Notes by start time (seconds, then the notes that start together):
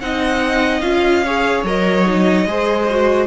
0.00 C4 D#4 D#5 F#5
0.80 C#4 F4 F5
1.24 G#4 C#5
1.63 F#3 A#4 D#5
2.05 D#4
2.45 G#3 G#4 C5
2.90 F#4